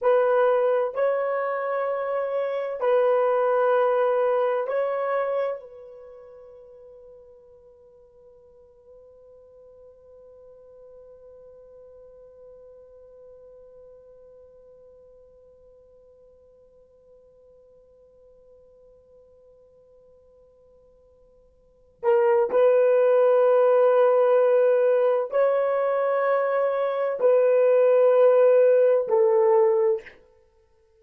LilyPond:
\new Staff \with { instrumentName = "horn" } { \time 4/4 \tempo 4 = 64 b'4 cis''2 b'4~ | b'4 cis''4 b'2~ | b'1~ | b'1~ |
b'1~ | b'2.~ b'8 ais'8 | b'2. cis''4~ | cis''4 b'2 a'4 | }